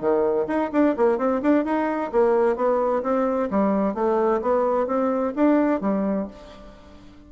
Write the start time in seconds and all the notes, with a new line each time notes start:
0.00 D#3
0.47 D#4
0.72 D4
0.97 A#3
1.18 C4
1.42 D4
1.64 D#4
2.11 A#3
2.55 B3
3.02 C4
3.50 G3
3.94 A3
4.41 B3
4.86 C4
5.35 D4
5.81 G3